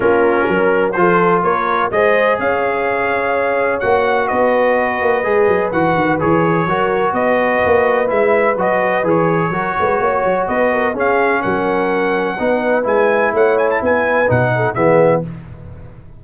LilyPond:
<<
  \new Staff \with { instrumentName = "trumpet" } { \time 4/4 \tempo 4 = 126 ais'2 c''4 cis''4 | dis''4 f''2. | fis''4 dis''2. | fis''4 cis''2 dis''4~ |
dis''4 e''4 dis''4 cis''4~ | cis''2 dis''4 f''4 | fis''2. gis''4 | fis''8 gis''16 a''16 gis''4 fis''4 e''4 | }
  \new Staff \with { instrumentName = "horn" } { \time 4/4 f'4 ais'4 a'4 ais'4 | c''4 cis''2.~ | cis''4 b'2.~ | b'2 ais'4 b'4~ |
b'1 | ais'8 b'8 cis''4 b'8 ais'8 gis'4 | ais'2 b'2 | cis''4 b'4. a'8 gis'4 | }
  \new Staff \with { instrumentName = "trombone" } { \time 4/4 cis'2 f'2 | gis'1 | fis'2. gis'4 | fis'4 gis'4 fis'2~ |
fis'4 e'4 fis'4 gis'4 | fis'2. cis'4~ | cis'2 dis'4 e'4~ | e'2 dis'4 b4 | }
  \new Staff \with { instrumentName = "tuba" } { \time 4/4 ais4 fis4 f4 ais4 | gis4 cis'2. | ais4 b4. ais8 gis8 fis8 | e8 dis8 e4 fis4 b4 |
ais4 gis4 fis4 e4 | fis8 gis8 ais8 fis8 b4 cis'4 | fis2 b4 gis4 | a4 b4 b,4 e4 | }
>>